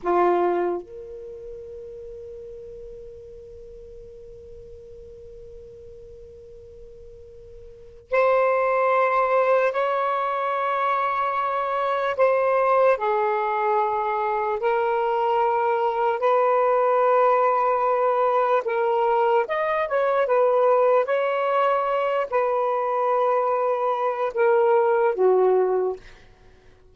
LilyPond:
\new Staff \with { instrumentName = "saxophone" } { \time 4/4 \tempo 4 = 74 f'4 ais'2.~ | ais'1~ | ais'2 c''2 | cis''2. c''4 |
gis'2 ais'2 | b'2. ais'4 | dis''8 cis''8 b'4 cis''4. b'8~ | b'2 ais'4 fis'4 | }